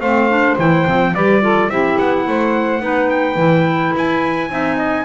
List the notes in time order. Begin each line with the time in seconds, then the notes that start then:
0.00 A3 C4 C5 F5
0.29 D4
0.57 E3 E4 G5
0.86 F3 C4
1.14 G3 G4 B4 D5
1.41 F4 A4
1.69 C4 E4 G4 E5
1.98 B3 F#5
2.27 A3 C5
2.80 B3 D#4 B4
3.09 G5
3.36 E3 E4
3.95 E4 G#5
4.49 C4 D#4 E5
4.77 D#5